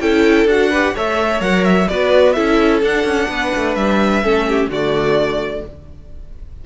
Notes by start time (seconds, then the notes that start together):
0.00 C#4 E4 A4 G5
0.45 D4 F#4 F#5
0.70 G4 B4
0.95 A3 A4 C#5 E5
1.40 F#3 A#4 F#5
1.65 E5
1.88 B3 F#4 B4 D5
2.33 C#4 E4 A4 E5
2.83 D4 F#5
3.04 C#4
3.29 B3 B4
3.56 A3
3.75 G3 E5
4.23 A3 C#4 A4
4.49 G4
4.67 D3 A3 F#4 D5